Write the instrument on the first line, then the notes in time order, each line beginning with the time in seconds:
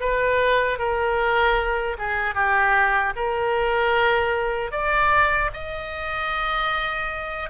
oboe
0.00 B4
0.79 A#4
1.98 G#4
2.34 G4
3.16 A#4
4.71 D5
5.53 D#5